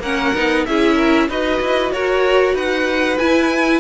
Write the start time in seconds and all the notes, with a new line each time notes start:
0.00 A#3 C#4 A#4 F#5
0.36 B3 D#4
0.66 C#4 E4 G#4 E5
0.96 A#4
1.29 D#4 F#4 B4 D#5
1.61 E4
1.93 F#4 A#4 C#5
2.54 D#4 B4 F#5
3.18 E4 G#5